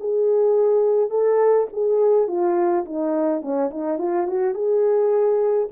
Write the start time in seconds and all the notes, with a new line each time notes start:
0.00 G#4
1.10 A4
1.73 G#4
2.28 F4
2.85 D#4
3.42 C#4
3.71 D#4
3.98 F4
4.27 F#4
4.55 G#4